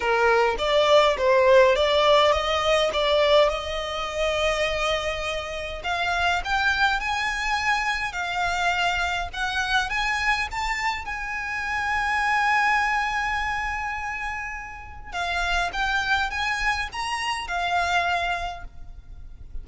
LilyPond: \new Staff \with { instrumentName = "violin" } { \time 4/4 \tempo 4 = 103 ais'4 d''4 c''4 d''4 | dis''4 d''4 dis''2~ | dis''2 f''4 g''4 | gis''2 f''2 |
fis''4 gis''4 a''4 gis''4~ | gis''1~ | gis''2 f''4 g''4 | gis''4 ais''4 f''2 | }